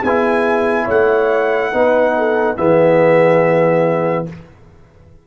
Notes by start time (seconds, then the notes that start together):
0.00 B3 G#4 G#5
0.07 E4
0.84 A3 C#5 F#5
1.73 B3 D#4 B4
2.18 A4
2.57 E3 B3 G#4 E5